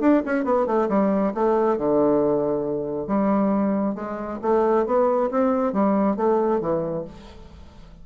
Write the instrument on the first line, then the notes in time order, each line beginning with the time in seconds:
bassoon
0.00 D4
0.25 C#4
0.44 B3
0.66 A3
0.88 G3
1.34 A3
1.77 D3
3.07 G3
3.94 G#3
4.42 A3
4.85 B3
5.30 C4
5.73 G3
6.16 A3
6.60 E3